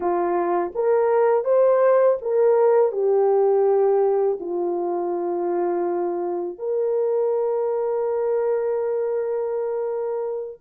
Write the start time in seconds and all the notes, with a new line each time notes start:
0.00 F4
0.75 A#4
1.44 C5
2.21 A#4
2.92 G4
4.39 F4
6.58 A#4